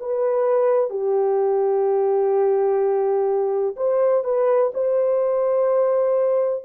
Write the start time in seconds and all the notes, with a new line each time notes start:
0.00 B4
0.90 G4
3.77 C5
4.24 B4
4.74 C5